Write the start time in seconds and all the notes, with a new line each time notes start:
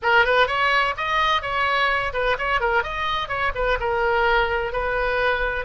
0.02 A#4
0.25 B4
0.47 C#5
0.97 D#5
1.42 C#5
2.13 B4
2.38 C#5
2.60 A#4
2.83 D#5
3.28 C#5
3.55 B4
3.79 A#4
4.72 B4